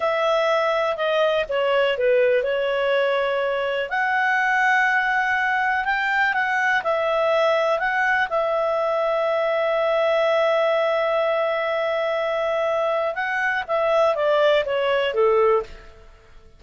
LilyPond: \new Staff \with { instrumentName = "clarinet" } { \time 4/4 \tempo 4 = 123 e''2 dis''4 cis''4 | b'4 cis''2. | fis''1 | g''4 fis''4 e''2 |
fis''4 e''2.~ | e''1~ | e''2. fis''4 | e''4 d''4 cis''4 a'4 | }